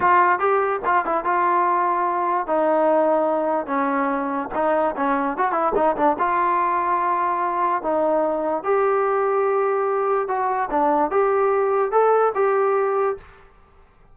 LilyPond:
\new Staff \with { instrumentName = "trombone" } { \time 4/4 \tempo 4 = 146 f'4 g'4 f'8 e'8 f'4~ | f'2 dis'2~ | dis'4 cis'2 dis'4 | cis'4 fis'8 e'8 dis'8 d'8 f'4~ |
f'2. dis'4~ | dis'4 g'2.~ | g'4 fis'4 d'4 g'4~ | g'4 a'4 g'2 | }